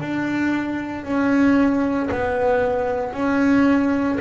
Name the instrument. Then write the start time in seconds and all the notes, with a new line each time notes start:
double bass
0.00 D4
1.04 C#4
2.11 B3
3.13 C#4